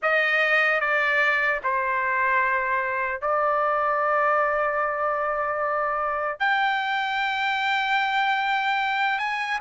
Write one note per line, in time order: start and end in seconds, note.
0.02 0.80 D#5
0.80 1.60 D5
1.63 3.21 C5
3.21 6.39 D5
6.39 9.18 G5
9.18 9.58 G#5